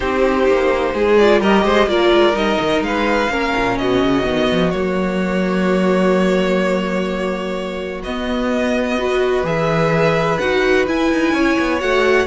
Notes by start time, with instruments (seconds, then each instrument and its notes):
0.00 cello C4, viola D#4, violin G4 C5
0.47 cello A#3
0.93 cello G#3, violin G#4
1.17 viola F4, violin D5
1.40 cello G3, viola G4, violin A#4 D#5
1.64 cello G#3, violin C5
1.87 cello A#3, viola F4, violin A#4 D5
2.12 cello G#3
2.33 cello G3, viola D#4, violin D#5
2.60 cello D#3
2.81 cello G#3, violin B4 F5
3.29 cello A#3, viola C#4, violin A#4
3.56 cello A#2
3.77 cello B2, violin F#4 D#5
4.02 cello C#3
4.22 cello D#3, viola B3
4.51 cello F3
4.70 cello F#3, viola A#3, violin C#5
8.03 cello B3, viola B3, violin D#5
8.98 viola F#4, violin B4
9.43 cello E3, viola G#4, violin E5
10.38 cello D#4, viola F#4, violin F#5
10.87 viola E4, cello E4, violin G#5
11.11 cello D#4
11.32 cello C#4, violin C#5
11.58 cello B3
11.80 cello A3, viola F#4, violin F#5